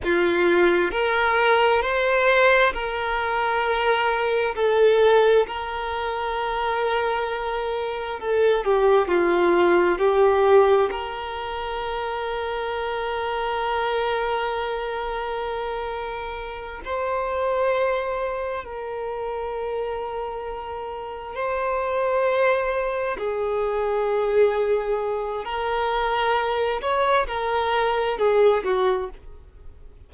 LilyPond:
\new Staff \with { instrumentName = "violin" } { \time 4/4 \tempo 4 = 66 f'4 ais'4 c''4 ais'4~ | ais'4 a'4 ais'2~ | ais'4 a'8 g'8 f'4 g'4 | ais'1~ |
ais'2~ ais'8 c''4.~ | c''8 ais'2. c''8~ | c''4. gis'2~ gis'8 | ais'4. cis''8 ais'4 gis'8 fis'8 | }